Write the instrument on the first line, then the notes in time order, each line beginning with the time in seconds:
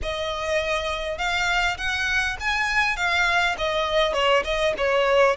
violin
0.02 D#5
1.17 F5
1.77 F#5
2.40 G#5
2.96 F5
3.58 D#5
4.13 C#5
4.44 D#5
4.77 C#5